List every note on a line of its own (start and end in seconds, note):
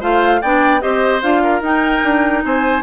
0.00 0.41 A3
0.00 0.41 F4
0.00 0.40 C5
0.00 0.42 F5
0.41 0.83 B3
0.41 0.81 D4
0.41 0.81 D5
0.41 0.81 G5
0.81 1.22 C4
0.81 1.21 G4
0.81 1.42 C5
0.81 1.21 D#5
1.21 1.61 D4
1.21 1.62 F4
1.21 1.62 F5
1.43 2.43 A#4
1.61 2.01 D#4
1.61 2.82 D#4
1.61 2.44 G5
2.03 2.43 D4
2.43 2.82 C4
2.43 2.82 C5
2.43 2.82 G#5